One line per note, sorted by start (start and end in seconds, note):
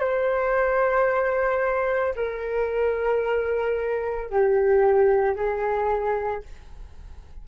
0.00 2.14 C5
2.16 4.30 A#4
4.30 5.35 G4
5.35 6.42 G#4